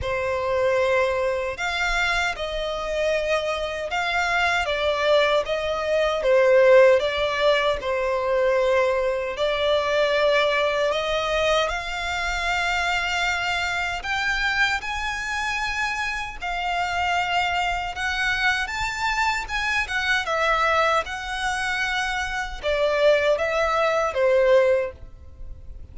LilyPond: \new Staff \with { instrumentName = "violin" } { \time 4/4 \tempo 4 = 77 c''2 f''4 dis''4~ | dis''4 f''4 d''4 dis''4 | c''4 d''4 c''2 | d''2 dis''4 f''4~ |
f''2 g''4 gis''4~ | gis''4 f''2 fis''4 | a''4 gis''8 fis''8 e''4 fis''4~ | fis''4 d''4 e''4 c''4 | }